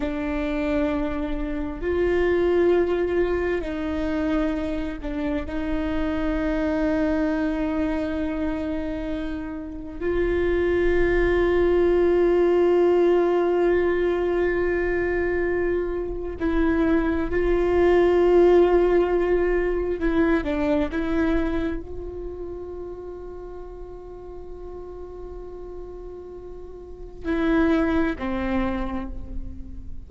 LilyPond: \new Staff \with { instrumentName = "viola" } { \time 4/4 \tempo 4 = 66 d'2 f'2 | dis'4. d'8 dis'2~ | dis'2. f'4~ | f'1~ |
f'2 e'4 f'4~ | f'2 e'8 d'8 e'4 | f'1~ | f'2 e'4 c'4 | }